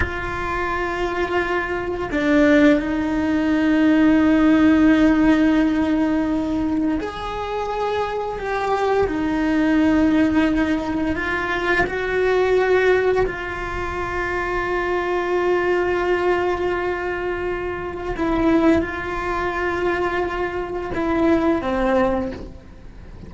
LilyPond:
\new Staff \with { instrumentName = "cello" } { \time 4/4 \tempo 4 = 86 f'2. d'4 | dis'1~ | dis'2 gis'2 | g'4 dis'2. |
f'4 fis'2 f'4~ | f'1~ | f'2 e'4 f'4~ | f'2 e'4 c'4 | }